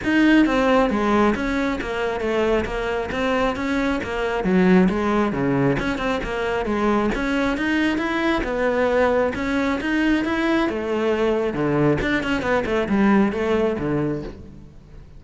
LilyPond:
\new Staff \with { instrumentName = "cello" } { \time 4/4 \tempo 4 = 135 dis'4 c'4 gis4 cis'4 | ais4 a4 ais4 c'4 | cis'4 ais4 fis4 gis4 | cis4 cis'8 c'8 ais4 gis4 |
cis'4 dis'4 e'4 b4~ | b4 cis'4 dis'4 e'4 | a2 d4 d'8 cis'8 | b8 a8 g4 a4 d4 | }